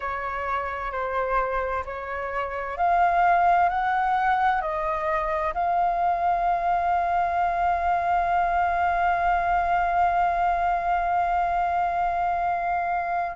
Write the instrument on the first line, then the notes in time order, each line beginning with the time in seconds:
flute
0.00 C#5
0.91 C5
1.85 C#5
2.77 F5
3.69 F#5
4.61 D#5
5.53 F5